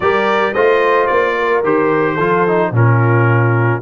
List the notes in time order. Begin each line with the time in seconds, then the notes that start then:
0.00 G3 G4 A#4 D5
0.52 A3 F4 C5 D#5
1.06 A#3 D5
1.38 A#4
1.63 D#3 G4 C5
2.14 F3 F4 A4
2.47 D#4
2.71 A#2 C#4 F4 A#4